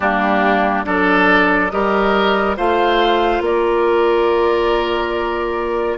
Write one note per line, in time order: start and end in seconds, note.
0.00 0.86 G3
0.00 0.84 A#3
0.00 0.85 D4
0.00 0.84 G4
0.84 1.72 F#3
0.84 1.70 D4
0.84 1.72 A4
0.84 1.70 D5
1.70 2.57 G3
1.70 2.56 G4
1.70 2.56 A#4
1.70 2.56 D#5
2.56 3.40 A3
2.56 5.97 F4
2.56 3.42 C5
2.56 3.43 F5
3.40 5.97 A#3
3.40 5.97 A#4
3.40 5.97 D5